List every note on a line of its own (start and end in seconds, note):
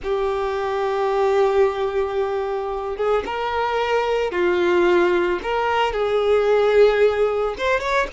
0.03 2.96 G4
2.96 3.23 G#4
3.25 4.31 A#4
4.31 5.39 F4
5.42 5.92 A#4
5.92 7.55 G#4
7.57 7.80 C5
7.80 8.07 C#5